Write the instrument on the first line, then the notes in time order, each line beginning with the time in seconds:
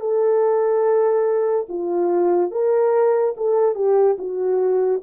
horn
0.00 A4
1.69 F4
2.52 A#4
3.37 A4
3.75 G4
4.19 F#4